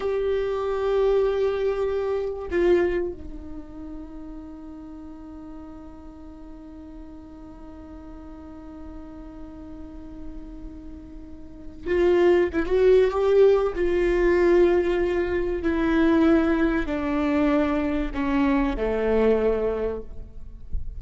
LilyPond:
\new Staff \with { instrumentName = "viola" } { \time 4/4 \tempo 4 = 96 g'1 | f'4 dis'2.~ | dis'1~ | dis'1~ |
dis'2. f'4 | e'16 fis'8. g'4 f'2~ | f'4 e'2 d'4~ | d'4 cis'4 a2 | }